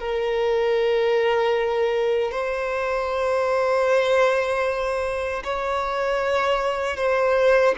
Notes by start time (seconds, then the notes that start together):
0.00 A#4
2.32 C5
5.44 C#5
6.97 C5